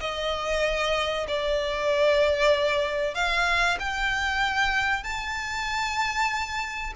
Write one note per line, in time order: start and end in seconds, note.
0.00 1.26 D#5
1.27 3.14 D5
3.14 3.77 F5
3.79 5.03 G5
5.03 6.93 A5